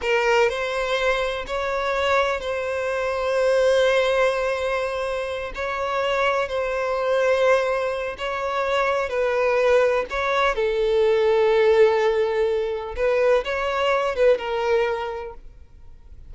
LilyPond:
\new Staff \with { instrumentName = "violin" } { \time 4/4 \tempo 4 = 125 ais'4 c''2 cis''4~ | cis''4 c''2.~ | c''2.~ c''8 cis''8~ | cis''4. c''2~ c''8~ |
c''4 cis''2 b'4~ | b'4 cis''4 a'2~ | a'2. b'4 | cis''4. b'8 ais'2 | }